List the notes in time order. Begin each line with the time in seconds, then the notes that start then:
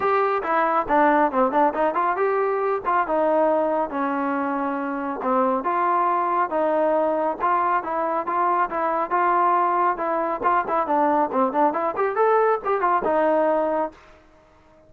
0.00 G4
0.42 E4
0.88 D4
1.31 C4
1.51 D4
1.74 D#4
1.94 F4
2.16 G4
2.85 F4
3.07 D#4
3.90 C#4
5.22 C4
5.64 F4
6.50 D#4
7.41 F4
7.83 E4
8.26 F4
8.70 E4
9.10 F4
9.97 E4
10.43 F4
10.68 E4
10.86 D4
11.32 C4
11.52 D4
11.73 E4
11.96 G4
12.15 A4
12.64 G4
12.80 F4
13.04 D#4